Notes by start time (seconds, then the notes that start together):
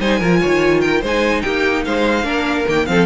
0.00 G3 D#4 C5 G#5
0.19 F3 F4 A#4
0.41 D#3 C#5
0.81 A#4 G5
1.01 G#3 D#4 C5 G#5
1.42 A#3 G4 G5
1.85 G#3 C5 F5
2.23 A#3 D4 A#4
2.67 D#3 A#3 G5
2.86 F3 C4 A4 F5